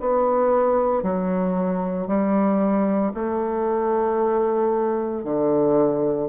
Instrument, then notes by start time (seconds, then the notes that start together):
bassoon
0.00 B3
1.03 F#3
2.08 G3
3.14 A3
5.24 D3